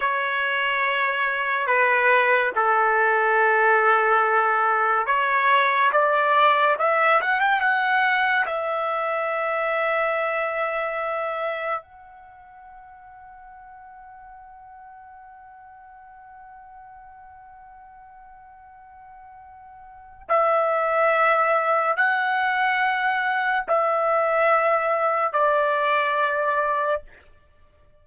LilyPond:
\new Staff \with { instrumentName = "trumpet" } { \time 4/4 \tempo 4 = 71 cis''2 b'4 a'4~ | a'2 cis''4 d''4 | e''8 fis''16 g''16 fis''4 e''2~ | e''2 fis''2~ |
fis''1~ | fis''1 | e''2 fis''2 | e''2 d''2 | }